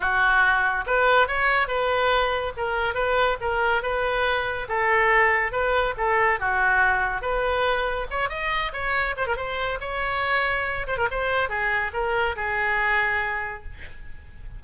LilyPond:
\new Staff \with { instrumentName = "oboe" } { \time 4/4 \tempo 4 = 141 fis'2 b'4 cis''4 | b'2 ais'4 b'4 | ais'4 b'2 a'4~ | a'4 b'4 a'4 fis'4~ |
fis'4 b'2 cis''8 dis''8~ | dis''8 cis''4 c''16 ais'16 c''4 cis''4~ | cis''4. c''16 ais'16 c''4 gis'4 | ais'4 gis'2. | }